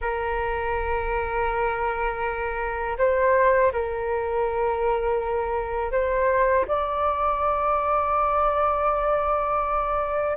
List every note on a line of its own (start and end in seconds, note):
0.01 2.97 A#4
2.98 3.72 C5
3.72 5.91 A#4
5.91 6.65 C5
6.67 10.36 D5